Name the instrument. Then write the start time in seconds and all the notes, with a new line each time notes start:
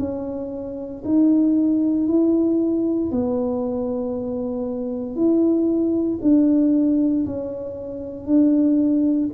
tuba
0.00 C#4
1.05 D#4
2.08 E4
3.12 B3
5.16 E4
6.22 D4
7.26 C#4
8.26 D4